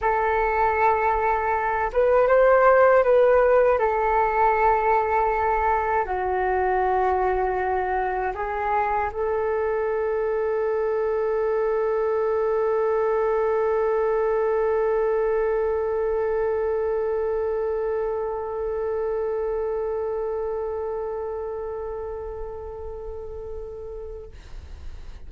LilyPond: \new Staff \with { instrumentName = "flute" } { \time 4/4 \tempo 4 = 79 a'2~ a'8 b'8 c''4 | b'4 a'2. | fis'2. gis'4 | a'1~ |
a'1~ | a'1~ | a'1~ | a'1 | }